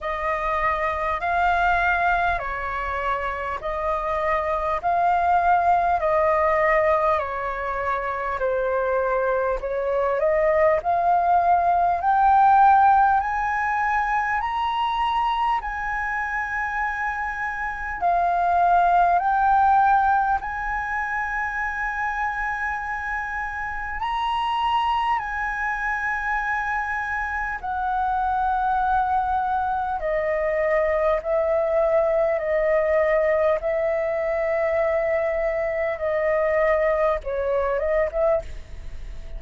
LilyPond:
\new Staff \with { instrumentName = "flute" } { \time 4/4 \tempo 4 = 50 dis''4 f''4 cis''4 dis''4 | f''4 dis''4 cis''4 c''4 | cis''8 dis''8 f''4 g''4 gis''4 | ais''4 gis''2 f''4 |
g''4 gis''2. | ais''4 gis''2 fis''4~ | fis''4 dis''4 e''4 dis''4 | e''2 dis''4 cis''8 dis''16 e''16 | }